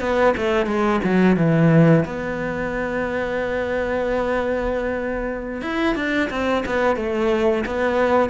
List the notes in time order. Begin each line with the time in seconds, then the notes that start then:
0.00 B3
0.37 A3
0.66 G#3
1.04 F#3
1.36 E3
2.05 B3
5.62 E4
5.95 D4
6.30 C4
6.65 B3
6.96 A3
7.66 B3